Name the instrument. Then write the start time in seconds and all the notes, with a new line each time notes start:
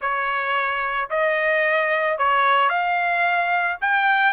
trumpet
0.01 C#5
1.10 D#5
2.17 C#5
2.69 F5
3.81 G5